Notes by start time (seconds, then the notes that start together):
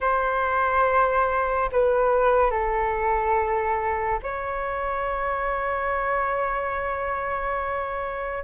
0.00 C5
1.72 B4
2.50 A4
4.23 C#5